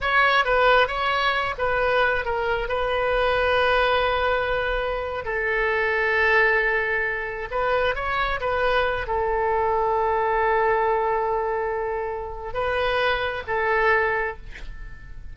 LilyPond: \new Staff \with { instrumentName = "oboe" } { \time 4/4 \tempo 4 = 134 cis''4 b'4 cis''4. b'8~ | b'4 ais'4 b'2~ | b'2.~ b'8. a'16~ | a'1~ |
a'8. b'4 cis''4 b'4~ b'16~ | b'16 a'2.~ a'8.~ | a'1 | b'2 a'2 | }